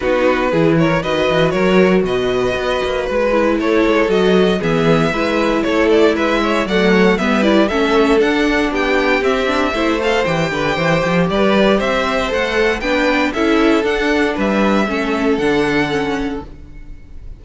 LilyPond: <<
  \new Staff \with { instrumentName = "violin" } { \time 4/4 \tempo 4 = 117 b'4. cis''8 dis''4 cis''4 | dis''2 b'4 cis''4 | dis''4 e''2 cis''8 d''8 | e''4 fis''4 e''8 d''8 e''4 |
fis''4 g''4 e''4. f''8 | g''2 d''4 e''4 | fis''4 g''4 e''4 fis''4 | e''2 fis''2 | }
  \new Staff \with { instrumentName = "violin" } { \time 4/4 fis'4 gis'8 ais'8 b'4 ais'4 | b'2. a'4~ | a'4 gis'4 b'4 a'4 | b'8 cis''8 d''8 cis''8 b'4 a'4~ |
a'4 g'2 c''4~ | c''8 b'8 c''4 b'4 c''4~ | c''4 b'4 a'2 | b'4 a'2. | }
  \new Staff \with { instrumentName = "viola" } { \time 4/4 dis'4 e'4 fis'2~ | fis'2~ fis'8 e'4. | fis'4 b4 e'2~ | e'4 a4 b8 e'8 cis'4 |
d'2 c'8 d'8 e'8 a'8 | g'1 | a'4 d'4 e'4 d'4~ | d'4 cis'4 d'4 cis'4 | }
  \new Staff \with { instrumentName = "cello" } { \time 4/4 b4 e4 dis8 e8 fis4 | b,4 b8 ais8 gis4 a8 gis8 | fis4 e4 gis4 a4 | gis4 fis4 g4 a4 |
d'4 b4 c'4 a4 | e8 d8 e8 f8 g4 c'4 | a4 b4 cis'4 d'4 | g4 a4 d2 | }
>>